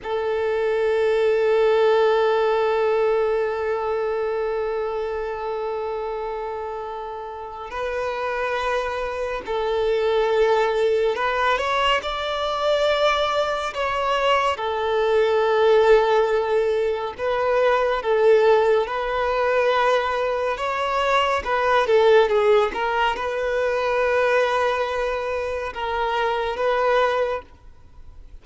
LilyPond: \new Staff \with { instrumentName = "violin" } { \time 4/4 \tempo 4 = 70 a'1~ | a'1~ | a'4 b'2 a'4~ | a'4 b'8 cis''8 d''2 |
cis''4 a'2. | b'4 a'4 b'2 | cis''4 b'8 a'8 gis'8 ais'8 b'4~ | b'2 ais'4 b'4 | }